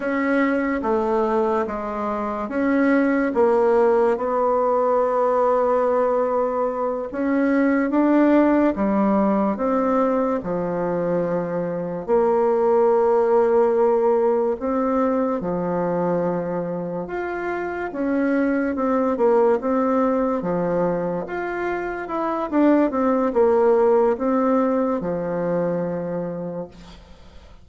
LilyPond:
\new Staff \with { instrumentName = "bassoon" } { \time 4/4 \tempo 4 = 72 cis'4 a4 gis4 cis'4 | ais4 b2.~ | b8 cis'4 d'4 g4 c'8~ | c'8 f2 ais4.~ |
ais4. c'4 f4.~ | f8 f'4 cis'4 c'8 ais8 c'8~ | c'8 f4 f'4 e'8 d'8 c'8 | ais4 c'4 f2 | }